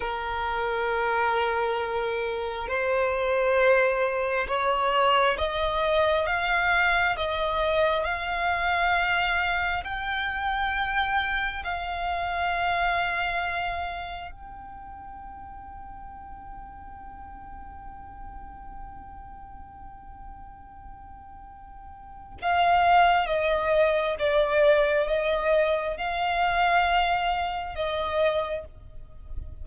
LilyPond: \new Staff \with { instrumentName = "violin" } { \time 4/4 \tempo 4 = 67 ais'2. c''4~ | c''4 cis''4 dis''4 f''4 | dis''4 f''2 g''4~ | g''4 f''2. |
g''1~ | g''1~ | g''4 f''4 dis''4 d''4 | dis''4 f''2 dis''4 | }